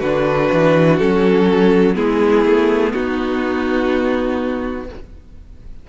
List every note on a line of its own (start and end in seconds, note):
0.00 0.50 D3
0.00 1.00 D4
0.00 1.94 F#4
0.00 0.97 B4
0.53 1.01 E3
0.99 1.97 F#3
0.99 1.94 C#4
0.99 1.95 A4
1.94 2.45 G#3
1.94 4.84 B3
1.94 2.93 E4
1.94 2.93 G#4
2.45 2.94 A3
2.93 4.90 B3
2.93 4.88 D#4
2.93 4.86 F#4